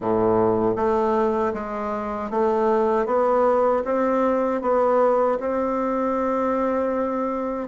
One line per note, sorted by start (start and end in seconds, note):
0.00 0.76 A2
0.76 1.52 A3
1.53 2.30 G#3
2.30 3.06 A3
3.06 3.83 B3
3.84 4.61 C4
4.61 5.38 B3
5.40 7.67 C4